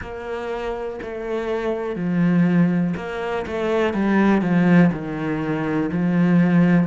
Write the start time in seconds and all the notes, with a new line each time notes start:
0.01 A#3
1.01 A3
1.95 F3
2.96 A#3
3.46 A3
3.93 G3
4.41 F3
4.92 D#3
5.92 F3